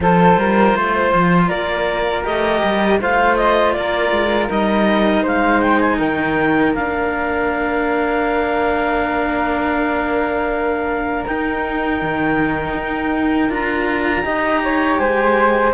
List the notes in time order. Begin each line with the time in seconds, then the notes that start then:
0.00 F3 F4 A4 C5
0.37 G3 A#4
0.75 A3 C5
1.13 F3
1.48 A#3 A#4 D5
2.23 A3 G4 D#5
2.64 G3
3.01 A3 F4 C5 F5
3.36 D#5
3.73 A#3 A#4 D5
4.11 G#3
4.49 G3 D#4 D#5
5.22 G#3 C5 F5
5.61 G5
5.80 G#5
5.98 D#3 A#4 G5
6.74 A#3 D4 F5
11.26 D#4 G5
12.01 D#3
12.75 D#4
13.49 D4 F4 A#5
14.22 D#4 G4 D#5
14.63 C#5
14.98 G#3 C5 G#5